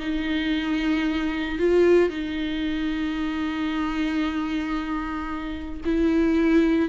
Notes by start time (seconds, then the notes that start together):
0.00 D#4
1.59 F4
2.09 D#4
5.86 E4